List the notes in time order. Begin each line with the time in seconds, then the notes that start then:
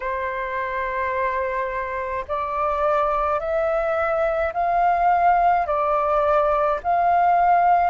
0.00 C5
2.27 D5
3.40 E5
4.53 F5
5.66 D5
6.83 F5